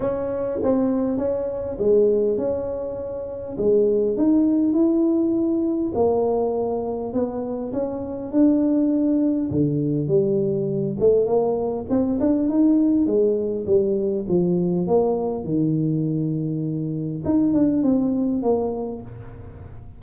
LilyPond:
\new Staff \with { instrumentName = "tuba" } { \time 4/4 \tempo 4 = 101 cis'4 c'4 cis'4 gis4 | cis'2 gis4 dis'4 | e'2 ais2 | b4 cis'4 d'2 |
d4 g4. a8 ais4 | c'8 d'8 dis'4 gis4 g4 | f4 ais4 dis2~ | dis4 dis'8 d'8 c'4 ais4 | }